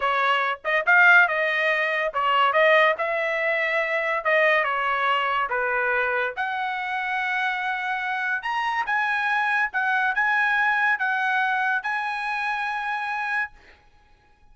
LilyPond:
\new Staff \with { instrumentName = "trumpet" } { \time 4/4 \tempo 4 = 142 cis''4. dis''8 f''4 dis''4~ | dis''4 cis''4 dis''4 e''4~ | e''2 dis''4 cis''4~ | cis''4 b'2 fis''4~ |
fis''1 | ais''4 gis''2 fis''4 | gis''2 fis''2 | gis''1 | }